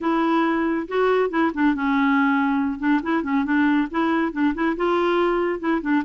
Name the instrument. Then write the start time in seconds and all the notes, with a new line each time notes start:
clarinet
0.00 E4
0.88 F#4
1.29 E4
1.53 D4
1.74 C#4
2.79 D4
3.02 E4
3.23 C#4
3.44 D4
3.90 E4
4.32 D4
4.54 E4
4.76 F4
5.59 E4
5.81 D4